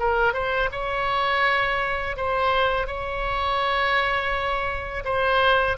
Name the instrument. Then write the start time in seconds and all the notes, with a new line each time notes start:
oboe
0.00 A#4
0.34 C5
0.72 C#5
2.17 C5
2.88 C#5
5.05 C5